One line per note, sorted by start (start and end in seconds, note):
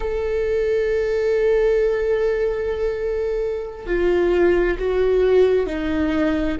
0.00 3.86 A4
3.86 4.77 F4
4.78 5.66 F#4
5.66 6.57 D#4